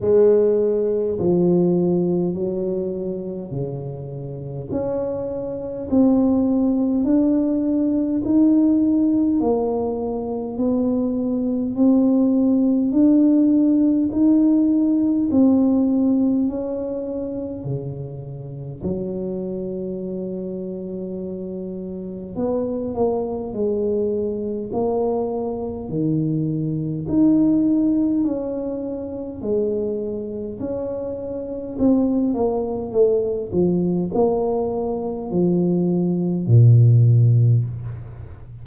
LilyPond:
\new Staff \with { instrumentName = "tuba" } { \time 4/4 \tempo 4 = 51 gis4 f4 fis4 cis4 | cis'4 c'4 d'4 dis'4 | ais4 b4 c'4 d'4 | dis'4 c'4 cis'4 cis4 |
fis2. b8 ais8 | gis4 ais4 dis4 dis'4 | cis'4 gis4 cis'4 c'8 ais8 | a8 f8 ais4 f4 ais,4 | }